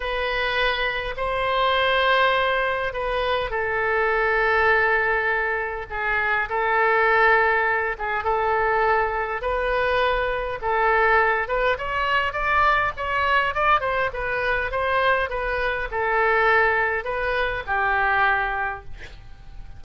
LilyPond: \new Staff \with { instrumentName = "oboe" } { \time 4/4 \tempo 4 = 102 b'2 c''2~ | c''4 b'4 a'2~ | a'2 gis'4 a'4~ | a'4. gis'8 a'2 |
b'2 a'4. b'8 | cis''4 d''4 cis''4 d''8 c''8 | b'4 c''4 b'4 a'4~ | a'4 b'4 g'2 | }